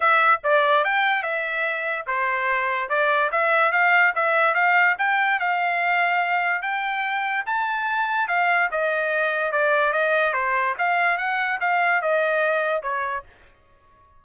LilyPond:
\new Staff \with { instrumentName = "trumpet" } { \time 4/4 \tempo 4 = 145 e''4 d''4 g''4 e''4~ | e''4 c''2 d''4 | e''4 f''4 e''4 f''4 | g''4 f''2. |
g''2 a''2 | f''4 dis''2 d''4 | dis''4 c''4 f''4 fis''4 | f''4 dis''2 cis''4 | }